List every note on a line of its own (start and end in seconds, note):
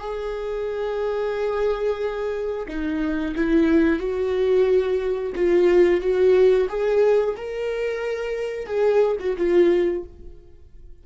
0.00 2.67 G#4
2.68 3.35 D#4
3.36 3.99 E4
3.99 5.33 F#4
5.35 6.01 F4
6.01 6.68 F#4
6.69 7.35 G#4
7.37 8.67 A#4
8.67 9.17 G#4
9.20 9.37 F#4
9.37 10.04 F4